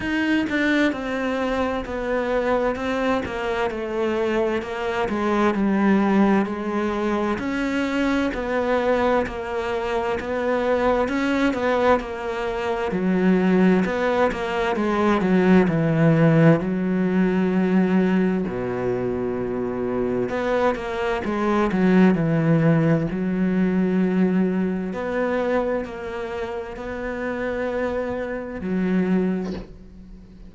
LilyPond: \new Staff \with { instrumentName = "cello" } { \time 4/4 \tempo 4 = 65 dis'8 d'8 c'4 b4 c'8 ais8 | a4 ais8 gis8 g4 gis4 | cis'4 b4 ais4 b4 | cis'8 b8 ais4 fis4 b8 ais8 |
gis8 fis8 e4 fis2 | b,2 b8 ais8 gis8 fis8 | e4 fis2 b4 | ais4 b2 fis4 | }